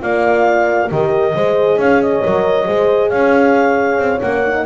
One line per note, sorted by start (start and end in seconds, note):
0.00 0.91 A#3
0.00 0.88 F4
0.00 0.91 D5
0.00 0.90 F5
0.89 1.35 D#3
0.89 1.33 G4
0.89 1.35 A#4
0.89 1.80 D#5
1.35 1.77 G#3
1.35 2.23 G#4
1.35 1.79 C5
1.77 2.22 C#4
1.77 2.66 C#5
1.77 2.02 F5
2.02 3.10 D#5
2.23 2.68 F#3
2.23 2.65 A#4
2.65 3.12 G#3
2.65 4.19 G#4
2.65 3.10 C5
3.10 3.98 C#4
3.10 4.64 C#5
3.10 4.20 F5
3.98 4.20 C4
4.20 4.65 A#3
4.20 4.42 C#4
4.20 4.65 F#5
4.45 4.65 D#4